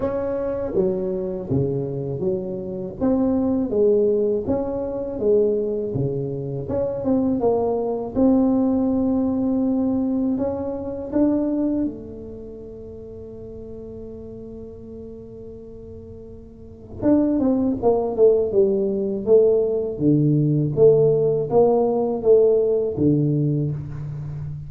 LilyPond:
\new Staff \with { instrumentName = "tuba" } { \time 4/4 \tempo 4 = 81 cis'4 fis4 cis4 fis4 | c'4 gis4 cis'4 gis4 | cis4 cis'8 c'8 ais4 c'4~ | c'2 cis'4 d'4 |
a1~ | a2. d'8 c'8 | ais8 a8 g4 a4 d4 | a4 ais4 a4 d4 | }